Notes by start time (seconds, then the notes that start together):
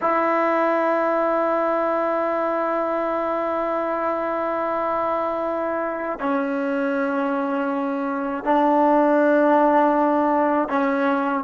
0.01 E4
6.19 C#4
8.44 D4
10.68 C#4